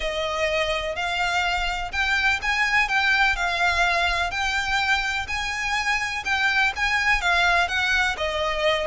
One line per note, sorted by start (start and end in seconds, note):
0.00 0.95 D#5
0.95 1.91 F5
1.92 2.40 G5
2.42 2.88 G#5
2.88 3.36 G5
3.36 4.31 F5
4.31 5.27 G5
5.27 6.23 G#5
6.24 6.72 G5
6.75 7.21 G#5
7.21 7.68 F5
7.68 8.16 F#5
8.17 8.86 D#5